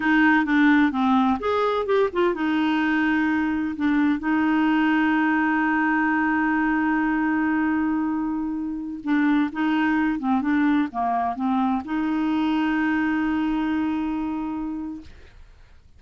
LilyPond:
\new Staff \with { instrumentName = "clarinet" } { \time 4/4 \tempo 4 = 128 dis'4 d'4 c'4 gis'4 | g'8 f'8 dis'2. | d'4 dis'2.~ | dis'1~ |
dis'2.~ dis'16 d'8.~ | d'16 dis'4. c'8 d'4 ais8.~ | ais16 c'4 dis'2~ dis'8.~ | dis'1 | }